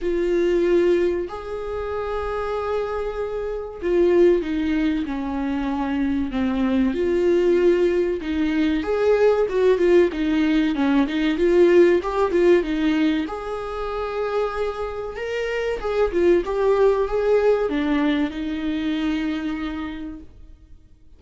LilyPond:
\new Staff \with { instrumentName = "viola" } { \time 4/4 \tempo 4 = 95 f'2 gis'2~ | gis'2 f'4 dis'4 | cis'2 c'4 f'4~ | f'4 dis'4 gis'4 fis'8 f'8 |
dis'4 cis'8 dis'8 f'4 g'8 f'8 | dis'4 gis'2. | ais'4 gis'8 f'8 g'4 gis'4 | d'4 dis'2. | }